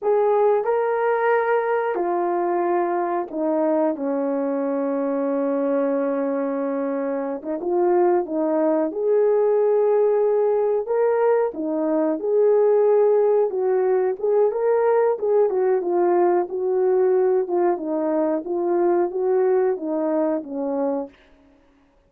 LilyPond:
\new Staff \with { instrumentName = "horn" } { \time 4/4 \tempo 4 = 91 gis'4 ais'2 f'4~ | f'4 dis'4 cis'2~ | cis'2.~ cis'16 dis'16 f'8~ | f'8 dis'4 gis'2~ gis'8~ |
gis'8 ais'4 dis'4 gis'4.~ | gis'8 fis'4 gis'8 ais'4 gis'8 fis'8 | f'4 fis'4. f'8 dis'4 | f'4 fis'4 dis'4 cis'4 | }